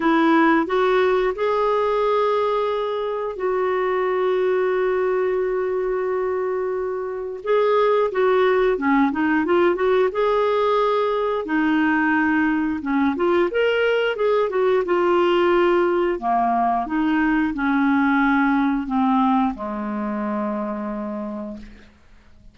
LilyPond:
\new Staff \with { instrumentName = "clarinet" } { \time 4/4 \tempo 4 = 89 e'4 fis'4 gis'2~ | gis'4 fis'2.~ | fis'2. gis'4 | fis'4 cis'8 dis'8 f'8 fis'8 gis'4~ |
gis'4 dis'2 cis'8 f'8 | ais'4 gis'8 fis'8 f'2 | ais4 dis'4 cis'2 | c'4 gis2. | }